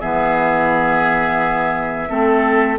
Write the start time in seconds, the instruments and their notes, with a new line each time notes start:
0.00 bassoon E3, clarinet B3, oboe G#4, flute E5
2.09 bassoon A3, clarinet C4, oboe A4